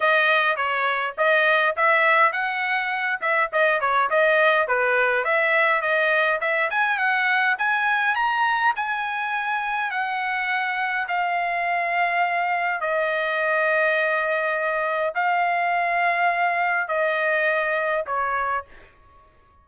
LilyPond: \new Staff \with { instrumentName = "trumpet" } { \time 4/4 \tempo 4 = 103 dis''4 cis''4 dis''4 e''4 | fis''4. e''8 dis''8 cis''8 dis''4 | b'4 e''4 dis''4 e''8 gis''8 | fis''4 gis''4 ais''4 gis''4~ |
gis''4 fis''2 f''4~ | f''2 dis''2~ | dis''2 f''2~ | f''4 dis''2 cis''4 | }